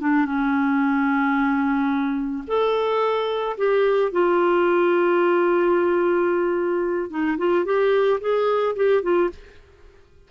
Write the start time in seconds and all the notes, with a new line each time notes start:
0.00 D4
0.25 C#4
2.47 A4
3.57 G4
4.12 F4
7.10 D#4
7.38 F4
7.65 G4
8.20 G#4
8.75 G4
9.02 F4